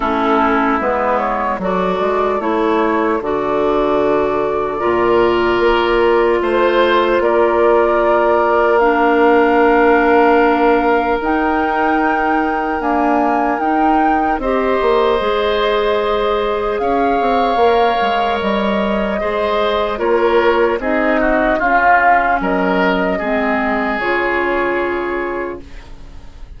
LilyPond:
<<
  \new Staff \with { instrumentName = "flute" } { \time 4/4 \tempo 4 = 75 a'4 b'8 cis''8 d''4 cis''4 | d''1 | c''4 d''2 f''4~ | f''2 g''2 |
gis''4 g''4 dis''2~ | dis''4 f''2 dis''4~ | dis''4 cis''4 dis''4 f''4 | dis''2 cis''2 | }
  \new Staff \with { instrumentName = "oboe" } { \time 4/4 e'2 a'2~ | a'2 ais'2 | c''4 ais'2.~ | ais'1~ |
ais'2 c''2~ | c''4 cis''2. | c''4 ais'4 gis'8 fis'8 f'4 | ais'4 gis'2. | }
  \new Staff \with { instrumentName = "clarinet" } { \time 4/4 cis'4 b4 fis'4 e'4 | fis'2 f'2~ | f'2. d'4~ | d'2 dis'2 |
ais4 dis'4 g'4 gis'4~ | gis'2 ais'2 | gis'4 f'4 dis'4 cis'4~ | cis'4 c'4 f'2 | }
  \new Staff \with { instrumentName = "bassoon" } { \time 4/4 a4 gis4 fis8 gis8 a4 | d2 ais,4 ais4 | a4 ais2.~ | ais2 dis'2 |
d'4 dis'4 c'8 ais8 gis4~ | gis4 cis'8 c'8 ais8 gis8 g4 | gis4 ais4 c'4 cis'4 | fis4 gis4 cis2 | }
>>